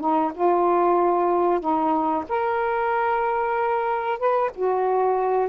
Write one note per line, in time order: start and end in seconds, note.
0.00 0.32 D#4
0.34 1.60 F4
1.60 2.25 D#4
2.29 4.19 A#4
4.19 4.51 B4
4.55 5.49 F#4